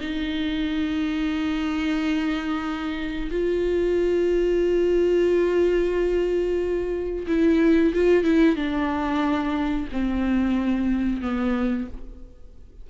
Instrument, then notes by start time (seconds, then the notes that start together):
viola
0.00 D#4
3.31 F4
7.27 E4
7.94 F4
8.24 E4
8.56 D4
9.92 C4
11.21 B3